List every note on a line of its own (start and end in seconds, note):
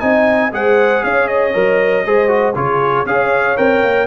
0.00 0.52 C4
0.00 0.51 D#4
0.00 0.53 D#5
0.00 0.51 G#5
0.52 1.03 G#3
0.52 1.53 G#4
0.52 1.04 C5
0.52 1.03 F#5
1.03 1.54 C#4
1.03 2.06 C#5
1.03 1.27 F5
1.27 2.54 D#5
1.53 2.05 F#3
1.53 2.04 A#4
2.05 2.55 G#3
2.05 2.28 G#4
2.05 2.56 C5
2.28 2.53 F#4
2.55 3.06 C#3
2.55 3.06 F4
2.55 3.07 G#4
2.55 3.06 C#5
3.06 3.56 C#4
3.06 3.57 G#4
3.06 4.06 C#5
3.06 3.57 F5
3.57 3.83 C4
3.57 4.06 A#4
3.57 4.06 G5
3.83 4.06 A#3